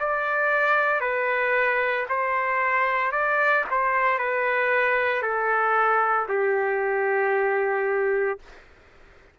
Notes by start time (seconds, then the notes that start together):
0.00 D5
1.01 B4
2.10 C5
3.12 D5
3.71 C5
4.19 B4
5.22 A4
6.29 G4